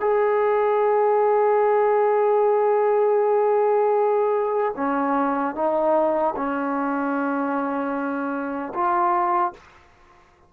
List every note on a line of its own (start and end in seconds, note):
0.00 4.74 G#4
4.76 5.55 C#4
5.55 6.34 D#4
6.36 8.73 C#4
8.74 9.53 F4